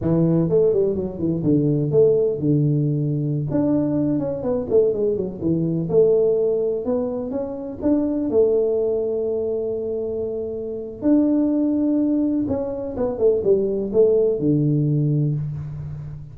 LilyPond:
\new Staff \with { instrumentName = "tuba" } { \time 4/4 \tempo 4 = 125 e4 a8 g8 fis8 e8 d4 | a4 d2~ d16 d'8.~ | d'8. cis'8 b8 a8 gis8 fis8 e8.~ | e16 a2 b4 cis'8.~ |
cis'16 d'4 a2~ a8.~ | a2. d'4~ | d'2 cis'4 b8 a8 | g4 a4 d2 | }